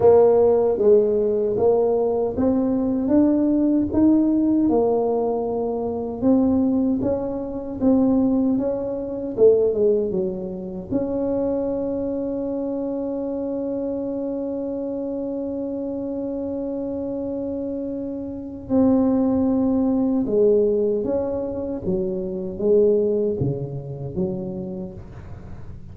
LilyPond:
\new Staff \with { instrumentName = "tuba" } { \time 4/4 \tempo 4 = 77 ais4 gis4 ais4 c'4 | d'4 dis'4 ais2 | c'4 cis'4 c'4 cis'4 | a8 gis8 fis4 cis'2~ |
cis'1~ | cis'1 | c'2 gis4 cis'4 | fis4 gis4 cis4 fis4 | }